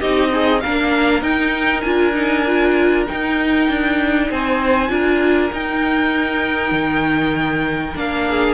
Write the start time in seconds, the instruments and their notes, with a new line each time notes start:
0.00 cello C4, viola D#4, violin G4 D#5
0.31 violin D#4, viola G#4
0.61 cello A#3, viola D4, violin A#4 F5
1.23 cello D#4, viola D#4, violin G5
1.81 cello D4, viola F4, violin G#5
2.14 viola D#4
2.47 viola F4
3.07 viola D#4, cello D#4, violin G5
3.69 cello D4
4.30 cello C4, violin C5 G#5
4.89 cello D4, viola F4, violin A#4
5.53 cello D#4, viola D#4, violin G5
6.72 cello D#3
7.96 cello A#3, viola D4, violin F5
8.30 violin G#4